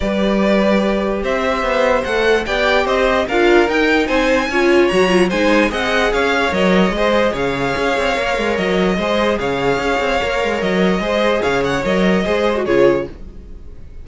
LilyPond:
<<
  \new Staff \with { instrumentName = "violin" } { \time 4/4 \tempo 4 = 147 d''2. e''4~ | e''4 fis''4 g''4 dis''4 | f''4 g''4 gis''2 | ais''4 gis''4 fis''4 f''4 |
dis''2 f''2~ | f''4 dis''2 f''4~ | f''2 dis''2 | f''8 fis''8 dis''2 cis''4 | }
  \new Staff \with { instrumentName = "violin" } { \time 4/4 b'2. c''4~ | c''2 d''4 c''4 | ais'2 c''4 cis''4~ | cis''4 c''4 dis''4 cis''4~ |
cis''4 c''4 cis''2~ | cis''2 c''4 cis''4~ | cis''2. c''4 | cis''2 c''4 gis'4 | }
  \new Staff \with { instrumentName = "viola" } { \time 4/4 g'1~ | g'4 a'4 g'2 | f'4 dis'2 f'4 | fis'8 f'8 dis'4 gis'2 |
ais'4 gis'2. | ais'2 gis'2~ | gis'4 ais'2 gis'4~ | gis'4 ais'4 gis'8. fis'16 f'4 | }
  \new Staff \with { instrumentName = "cello" } { \time 4/4 g2. c'4 | b4 a4 b4 c'4 | d'4 dis'4 c'4 cis'4 | fis4 gis4 c'4 cis'4 |
fis4 gis4 cis4 cis'8 c'8 | ais8 gis8 fis4 gis4 cis4 | cis'8 c'8 ais8 gis8 fis4 gis4 | cis4 fis4 gis4 cis4 | }
>>